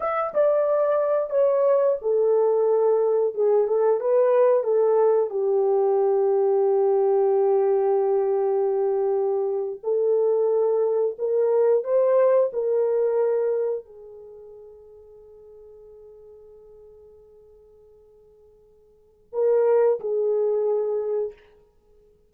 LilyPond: \new Staff \with { instrumentName = "horn" } { \time 4/4 \tempo 4 = 90 e''8 d''4. cis''4 a'4~ | a'4 gis'8 a'8 b'4 a'4 | g'1~ | g'2~ g'8. a'4~ a'16~ |
a'8. ais'4 c''4 ais'4~ ais'16~ | ais'8. gis'2.~ gis'16~ | gis'1~ | gis'4 ais'4 gis'2 | }